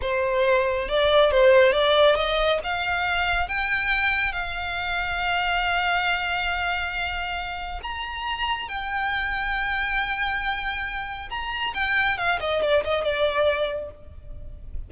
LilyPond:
\new Staff \with { instrumentName = "violin" } { \time 4/4 \tempo 4 = 138 c''2 d''4 c''4 | d''4 dis''4 f''2 | g''2 f''2~ | f''1~ |
f''2 ais''2 | g''1~ | g''2 ais''4 g''4 | f''8 dis''8 d''8 dis''8 d''2 | }